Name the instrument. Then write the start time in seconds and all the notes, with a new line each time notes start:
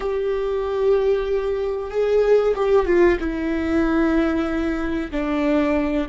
viola
0.00 G4
1.91 G#4
2.55 G4
2.85 F4
3.19 E4
5.11 D4